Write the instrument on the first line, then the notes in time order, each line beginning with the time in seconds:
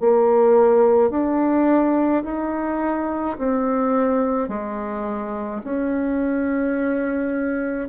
bassoon
0.00 A#3
1.10 D4
2.24 D#4
3.38 C4
4.48 G#3
5.64 C#4